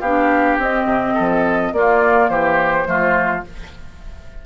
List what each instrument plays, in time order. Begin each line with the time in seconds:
0.00 bassoon B3, clarinet D4, oboe G4, flute F5
0.58 bassoon C4, clarinet C4, flute D#5
0.85 bassoon C3
1.14 bassoon F3, oboe A4
1.72 bassoon A#3, clarinet A#3, oboe F4, flute D5
2.29 bassoon E3, oboe G4, flute C5
2.85 bassoon F3, clarinet A3, oboe F4